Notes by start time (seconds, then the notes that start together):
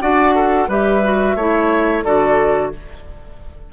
0.00 D4 F#4 D5 F#5
0.35 A4
0.68 G3 G4 B4 E5
1.03 F#4
1.35 A3 E4 C#5
2.03 D3 F#4 A4 D5